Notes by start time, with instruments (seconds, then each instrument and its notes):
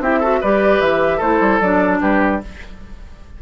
0.00 bassoon C4, clarinet E4, oboe G4, flute E5
0.19 clarinet F#4, oboe A4
0.41 bassoon G3, clarinet G4, oboe B4, flute D5
0.80 bassoon E3, flute E5
1.17 bassoon A3, clarinet E4, oboe A4, flute C5
1.40 bassoon G3
1.60 bassoon F#3, clarinet D4, flute D5
2.01 bassoon G3, oboe G4, flute B4